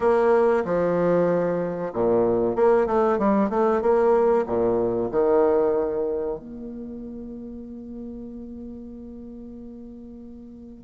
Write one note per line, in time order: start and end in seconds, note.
0.00 0.64 A#3
0.64 1.92 F3
1.93 2.55 A#2
2.55 2.86 A#3
2.86 3.18 A3
3.18 3.49 G3
3.49 3.81 A3
3.81 4.45 A#3
4.46 5.10 A#2
5.11 6.38 D#3
6.38 10.84 A#3